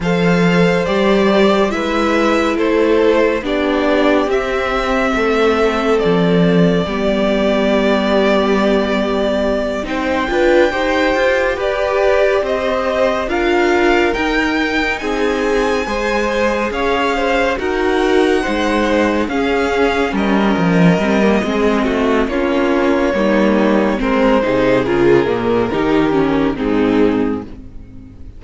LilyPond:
<<
  \new Staff \with { instrumentName = "violin" } { \time 4/4 \tempo 4 = 70 f''4 d''4 e''4 c''4 | d''4 e''2 d''4~ | d''2.~ d''8 g''8~ | g''4. d''4 dis''4 f''8~ |
f''8 g''4 gis''2 f''8~ | f''8 fis''2 f''4 dis''8~ | dis''2 cis''2 | c''4 ais'2 gis'4 | }
  \new Staff \with { instrumentName = "violin" } { \time 4/4 c''2 b'4 a'4 | g'2 a'2 | g'2.~ g'8 c''8 | b'8 c''4 b'4 c''4 ais'8~ |
ais'4. gis'4 c''4 cis''8 | c''8 ais'4 c''4 gis'4 ais'8~ | ais'4 gis'8 fis'8 f'4 dis'4 | ais'8 gis'4. g'4 dis'4 | }
  \new Staff \with { instrumentName = "viola" } { \time 4/4 a'4 g'4 e'2 | d'4 c'2. | b2.~ b8 dis'8 | f'8 g'2. f'8~ |
f'8 dis'2 gis'4.~ | gis'8 fis'4 dis'4 cis'4.~ | cis'8 c'16 ais16 c'4 cis'4 ais4 | c'8 dis'8 f'8 ais8 dis'8 cis'8 c'4 | }
  \new Staff \with { instrumentName = "cello" } { \time 4/4 f4 g4 gis4 a4 | b4 c'4 a4 f4 | g2.~ g8 c'8 | d'8 dis'8 f'8 g'4 c'4 d'8~ |
d'8 dis'4 c'4 gis4 cis'8~ | cis'8 dis'4 gis4 cis'4 g8 | f8 g8 gis8 a8 ais4 g4 | gis8 c8 cis8 ais,8 dis4 gis,4 | }
>>